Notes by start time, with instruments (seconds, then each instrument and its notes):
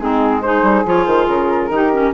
0.00 bassoon G#3, clarinet C4, saxophone D#4, flute G#4
0.42 clarinet D#4, saxophone G#4, flute C5
0.63 bassoon G3
0.86 bassoon F3, clarinet F4, flute C#5
1.06 bassoon D#3, flute C5
1.28 bassoon C#3, flute A#4
1.70 bassoon D#3, clarinet D#4, saxophone G4
1.93 clarinet C#4